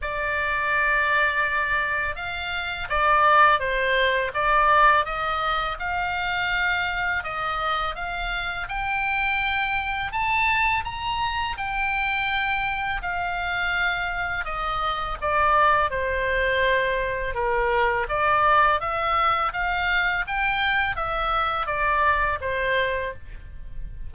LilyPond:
\new Staff \with { instrumentName = "oboe" } { \time 4/4 \tempo 4 = 83 d''2. f''4 | d''4 c''4 d''4 dis''4 | f''2 dis''4 f''4 | g''2 a''4 ais''4 |
g''2 f''2 | dis''4 d''4 c''2 | ais'4 d''4 e''4 f''4 | g''4 e''4 d''4 c''4 | }